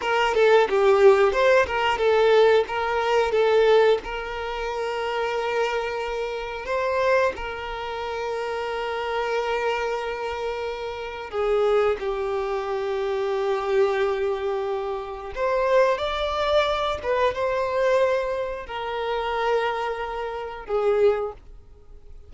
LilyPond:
\new Staff \with { instrumentName = "violin" } { \time 4/4 \tempo 4 = 90 ais'8 a'8 g'4 c''8 ais'8 a'4 | ais'4 a'4 ais'2~ | ais'2 c''4 ais'4~ | ais'1~ |
ais'4 gis'4 g'2~ | g'2. c''4 | d''4. b'8 c''2 | ais'2. gis'4 | }